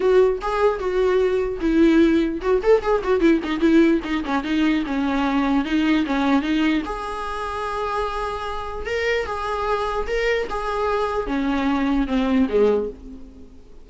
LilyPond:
\new Staff \with { instrumentName = "viola" } { \time 4/4 \tempo 4 = 149 fis'4 gis'4 fis'2 | e'2 fis'8 a'8 gis'8 fis'8 | e'8 dis'8 e'4 dis'8 cis'8 dis'4 | cis'2 dis'4 cis'4 |
dis'4 gis'2.~ | gis'2 ais'4 gis'4~ | gis'4 ais'4 gis'2 | cis'2 c'4 gis4 | }